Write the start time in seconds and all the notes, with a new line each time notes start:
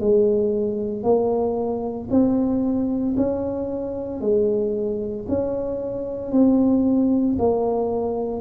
0.00 G#3
1.03 A#3
2.11 C4
3.17 C#4
4.21 G#3
5.29 C#4
6.32 C4
7.39 A#3